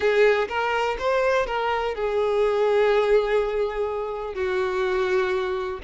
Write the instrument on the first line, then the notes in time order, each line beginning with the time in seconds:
violin
0.00 G#4
0.48 A#4
0.98 C5
1.46 A#4
1.94 G#4
4.34 F#4